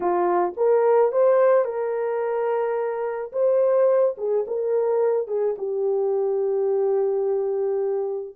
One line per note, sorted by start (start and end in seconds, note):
0.00 0.53 F4
0.57 1.12 A#4
1.12 1.64 C5
1.64 3.31 A#4
3.32 4.15 C5
4.17 4.45 G#4
4.47 5.27 A#4
5.27 5.55 G#4
5.58 8.35 G4